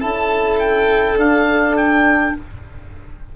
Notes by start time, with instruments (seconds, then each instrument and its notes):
0.00 tuba C#4, trombone E4, violin A4, oboe A5
0.60 oboe G5
1.17 tuba D4, trombone D4, oboe F5
1.77 oboe G5